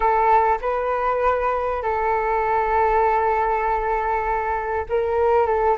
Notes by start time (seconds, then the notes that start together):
0.00 A4
0.61 B4
1.82 A4
4.89 A#4
5.46 A4